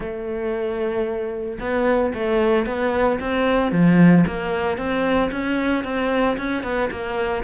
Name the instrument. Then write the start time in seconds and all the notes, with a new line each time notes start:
cello
0.00 A3
1.60 B3
2.14 A3
2.66 B3
3.20 C4
3.71 F3
4.26 A#3
4.77 C4
5.31 C#4
5.84 C4
6.37 C#4
6.63 B3
6.90 A#3